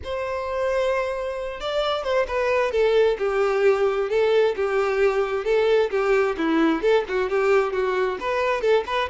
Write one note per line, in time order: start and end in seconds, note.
0.04 1.60 C5
1.60 2.03 D5
2.03 2.26 C5
2.27 2.71 B4
2.71 3.17 A4
3.18 4.09 G4
4.09 4.55 A4
4.56 5.44 G4
5.44 5.90 A4
5.90 6.36 G4
6.37 6.81 E4
6.81 7.04 A4
7.08 7.29 F#4
7.29 7.73 G4
7.73 8.18 F#4
8.20 8.61 B4
8.61 8.84 A4
8.86 9.09 B4